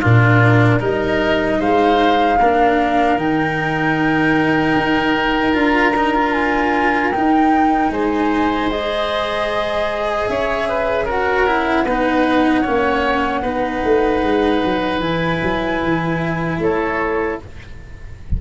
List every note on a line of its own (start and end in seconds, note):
0.00 0.81 A#2
0.00 0.80 D4
0.00 0.79 F4
0.00 0.81 A#4
0.80 1.60 G3
0.80 2.38 D#4
0.80 1.59 A#4
0.80 1.61 D#5
1.59 2.39 G#3
1.59 2.38 C5
1.59 3.18 F5
2.39 3.16 A#3
2.39 3.18 D4
2.39 7.92 A#4
3.16 4.74 D#3
3.16 5.53 D#4
3.16 5.55 G5
4.76 5.54 D#4
5.53 7.12 D4
5.53 5.93 F4
5.53 6.33 A#5
5.96 6.14 D#4
6.14 7.12 F4
6.33 7.12 G#5
7.12 8.71 D#4
7.12 7.90 D#4
7.12 7.91 G5
7.90 10.27 G#3
7.90 10.29 C5
7.90 8.70 G#5
8.70 11.08 G#4
8.70 10.28 D#5
10.28 11.86 C#4
10.28 10.69 C#5
10.28 11.07 E5
10.69 11.05 B4
11.05 11.47 F#4
11.05 11.84 A#4
11.05 15.01 F#5
11.47 11.86 E4
11.85 12.65 B3
11.85 12.64 D#4
11.85 12.62 B4
12.62 13.44 A#3
12.62 13.43 C#4
12.62 13.41 C#5
13.42 13.83 B3
13.42 15.02 D#4
13.42 16.58 B4
13.84 14.23 A3
14.23 14.63 G#3
14.64 14.99 F#3
14.99 15.38 E3
14.99 17.38 E4
14.99 16.59 G#5
15.42 15.82 F#3
15.83 16.59 E3
16.59 17.38 A3
16.59 17.41 A4
16.59 17.40 C#5